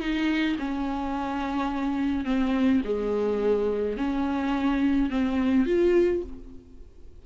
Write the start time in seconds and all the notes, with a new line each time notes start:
0.00 D#4
0.59 C#4
2.25 C4
2.84 G#3
3.98 C#4
5.10 C4
5.66 F4